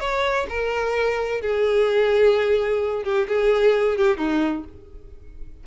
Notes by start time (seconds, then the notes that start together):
0.00 C#5
0.49 A#4
1.41 G#4
3.04 G4
3.28 G#4
3.97 G4
4.17 D#4